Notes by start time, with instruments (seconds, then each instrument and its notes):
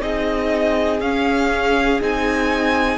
0.00 cello C4, viola D#4, violin G#4 D#5
1.00 cello C#4, viola C#4, violin F5
2.01 cello C4, viola D#4, violin G#5